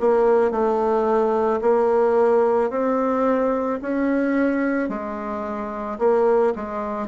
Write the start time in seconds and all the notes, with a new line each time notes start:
0.00 A#3
0.51 A3
1.61 A#3
2.70 C4
3.82 C#4
4.89 G#3
5.99 A#3
6.56 G#3